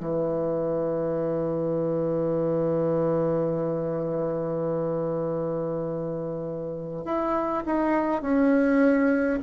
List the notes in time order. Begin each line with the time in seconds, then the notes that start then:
0.00 E3
7.05 E4
7.66 D#4
8.22 C#4